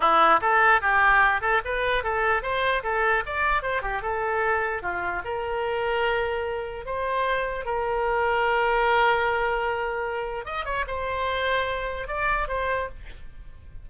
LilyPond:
\new Staff \with { instrumentName = "oboe" } { \time 4/4 \tempo 4 = 149 e'4 a'4 g'4. a'8 | b'4 a'4 c''4 a'4 | d''4 c''8 g'8 a'2 | f'4 ais'2.~ |
ais'4 c''2 ais'4~ | ais'1~ | ais'2 dis''8 cis''8 c''4~ | c''2 d''4 c''4 | }